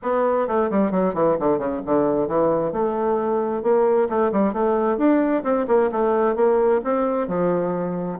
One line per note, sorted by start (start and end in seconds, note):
0.02 0.47 B3
0.47 0.70 A3
0.70 0.91 G3
0.91 1.14 F#3
1.14 1.36 E3
1.39 1.58 D3
1.58 1.81 C#3
1.85 2.27 D3
2.27 2.72 E3
2.72 3.63 A3
3.63 4.08 A#3
4.09 4.31 A3
4.32 4.53 G3
4.53 4.97 A3
4.97 5.43 D4
5.43 5.66 C4
5.67 5.90 A#3
5.91 6.35 A3
6.35 6.81 A#3
6.83 7.27 C4
7.27 8.18 F3